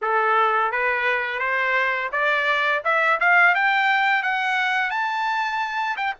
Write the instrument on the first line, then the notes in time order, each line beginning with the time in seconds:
trumpet
0.01 A4
0.71 B4
1.39 C5
2.12 D5
2.84 E5
3.20 F5
3.55 G5
4.22 F#5
4.90 A5
5.96 G5